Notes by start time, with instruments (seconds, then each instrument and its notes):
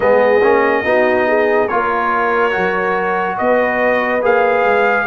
0.00 tuba G#3, trombone B3, horn G#4, trumpet D#5
0.42 tuba A#3, trombone C#4
0.84 tuba B3, trombone D#4, horn F#4
1.27 horn G#4
1.67 tuba A#3, trombone F4, horn A#4, trumpet C#5
2.51 tuba F#3, trombone F#4
3.37 tuba B3, horn B4, trumpet D#5
4.21 tuba A#3, trombone G#4, trumpet F5
4.64 tuba G#3